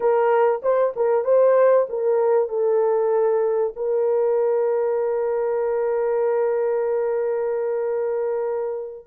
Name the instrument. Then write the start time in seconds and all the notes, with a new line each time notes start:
horn
0.00 A#4
0.62 C5
0.95 A#4
1.24 C5
1.89 A#4
2.48 A4
3.76 A#4